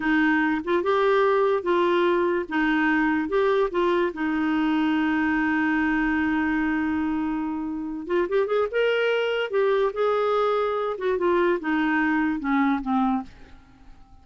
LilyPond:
\new Staff \with { instrumentName = "clarinet" } { \time 4/4 \tempo 4 = 145 dis'4. f'8 g'2 | f'2 dis'2 | g'4 f'4 dis'2~ | dis'1~ |
dis'2.~ dis'8 f'8 | g'8 gis'8 ais'2 g'4 | gis'2~ gis'8 fis'8 f'4 | dis'2 cis'4 c'4 | }